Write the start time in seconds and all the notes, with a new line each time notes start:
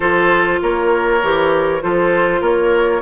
0.00 F3 F4 A4 C5
0.61 A#3 A#4 C#5
1.22 E3 G4
1.81 F3 F4 A4 C5
2.41 A#3 A#4 C#5